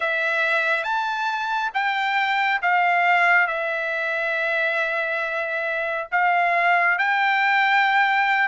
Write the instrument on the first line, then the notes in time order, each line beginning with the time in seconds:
trumpet
0.00 E5
0.83 A5
1.74 G5
2.61 F5
3.47 E5
6.11 F5
6.98 G5